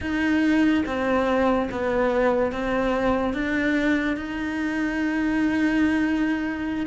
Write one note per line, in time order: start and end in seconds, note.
0.00 0.84 D#4
0.86 1.69 C4
1.71 2.52 B3
2.52 3.33 C4
3.33 4.16 D4
4.16 6.86 D#4